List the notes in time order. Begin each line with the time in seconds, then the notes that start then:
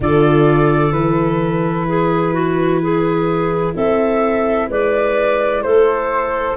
0.00 D3 F4 A4 D5
0.91 E3 E4 B4
1.88 G#4
2.33 F#4
2.81 G#4
3.74 C4 A4 E5
4.68 G#3 B4 D5
5.62 A3 A4 C5